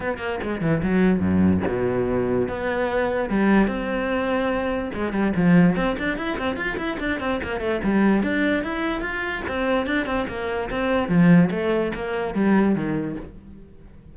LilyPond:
\new Staff \with { instrumentName = "cello" } { \time 4/4 \tempo 4 = 146 b8 ais8 gis8 e8 fis4 fis,4 | b,2 b2 | g4 c'2. | gis8 g8 f4 c'8 d'8 e'8 c'8 |
f'8 e'8 d'8 c'8 ais8 a8 g4 | d'4 e'4 f'4 c'4 | d'8 c'8 ais4 c'4 f4 | a4 ais4 g4 dis4 | }